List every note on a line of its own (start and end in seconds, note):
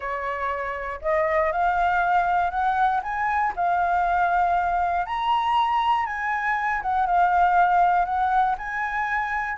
0.00 0.99 C#5
1.01 1.51 D#5
1.51 2.50 F5
2.50 3.00 F#5
3.03 3.53 G#5
3.55 5.06 F5
5.06 6.05 A#5
6.05 6.81 G#5
6.82 7.06 F#5
7.06 8.05 F5
8.05 8.55 F#5
8.58 9.57 G#5